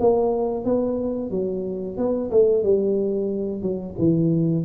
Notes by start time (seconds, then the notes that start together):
0.00 A#3
0.65 B3
1.30 F#3
1.97 B3
2.31 A3
2.63 G3
3.62 F#3
3.98 E3